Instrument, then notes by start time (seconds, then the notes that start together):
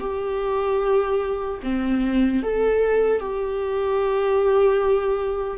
viola
0.00 G4
1.63 C4
2.43 A4
3.20 G4